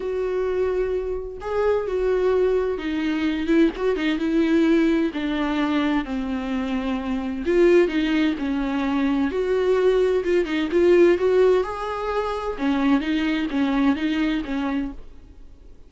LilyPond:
\new Staff \with { instrumentName = "viola" } { \time 4/4 \tempo 4 = 129 fis'2. gis'4 | fis'2 dis'4. e'8 | fis'8 dis'8 e'2 d'4~ | d'4 c'2. |
f'4 dis'4 cis'2 | fis'2 f'8 dis'8 f'4 | fis'4 gis'2 cis'4 | dis'4 cis'4 dis'4 cis'4 | }